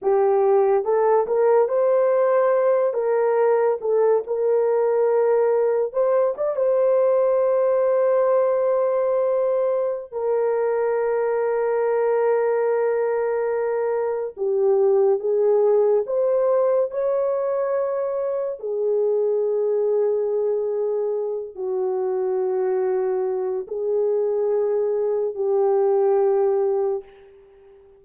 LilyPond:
\new Staff \with { instrumentName = "horn" } { \time 4/4 \tempo 4 = 71 g'4 a'8 ais'8 c''4. ais'8~ | ais'8 a'8 ais'2 c''8 d''16 c''16~ | c''1 | ais'1~ |
ais'4 g'4 gis'4 c''4 | cis''2 gis'2~ | gis'4. fis'2~ fis'8 | gis'2 g'2 | }